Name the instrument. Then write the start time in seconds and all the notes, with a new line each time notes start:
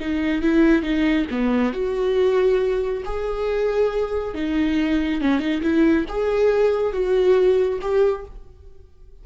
viola
0.00 D#4
0.42 E4
0.82 D#4
1.30 B3
1.73 F#4
3.05 G#4
4.34 D#4
5.21 C#4
5.40 D#4
5.62 E4
6.08 G#4
6.93 F#4
7.81 G4